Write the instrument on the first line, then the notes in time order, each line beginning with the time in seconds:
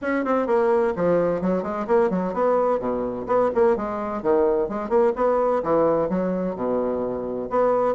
bassoon
0.01 C#4
0.24 C4
0.46 A#3
0.95 F3
1.41 F#3
1.63 G#3
1.87 A#3
2.10 F#3
2.33 B3
2.79 B2
3.27 B3
3.54 A#3
3.76 G#3
4.22 D#3
4.69 G#3
4.89 A#3
5.15 B3
5.63 E3
6.09 F#3
6.55 B2
7.50 B3